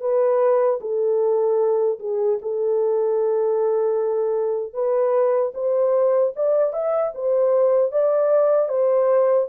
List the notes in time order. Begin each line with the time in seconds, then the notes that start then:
0.00 B4
0.80 A4
1.99 G#4
2.41 A4
4.73 B4
5.54 C5
6.35 D5
6.72 E5
7.14 C5
7.91 D5
8.68 C5